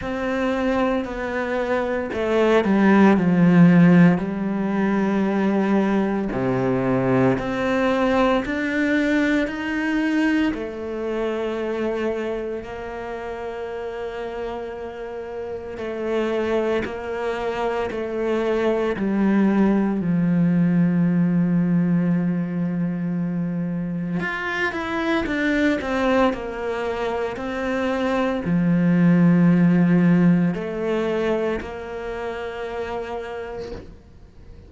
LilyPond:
\new Staff \with { instrumentName = "cello" } { \time 4/4 \tempo 4 = 57 c'4 b4 a8 g8 f4 | g2 c4 c'4 | d'4 dis'4 a2 | ais2. a4 |
ais4 a4 g4 f4~ | f2. f'8 e'8 | d'8 c'8 ais4 c'4 f4~ | f4 a4 ais2 | }